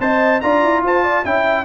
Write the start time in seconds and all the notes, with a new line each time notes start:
0.00 C4 C5 D#5 A5
0.41 D4 F4 D5 A#5
0.63 E4
0.83 F4 C5 A5
1.04 D5
1.24 C#4 E4 E5 G5